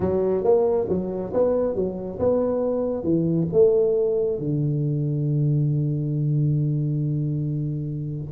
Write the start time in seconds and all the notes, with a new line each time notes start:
0.00 F#3
0.44 A#3
0.89 F#3
1.33 B3
1.75 F#3
2.19 B3
3.03 E3
3.52 A3
4.38 D3